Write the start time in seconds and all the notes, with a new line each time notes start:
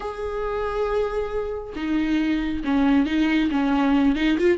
0.00 G#4
1.75 D#4
2.64 C#4
3.06 D#4
3.51 C#4
4.15 D#4
4.37 F4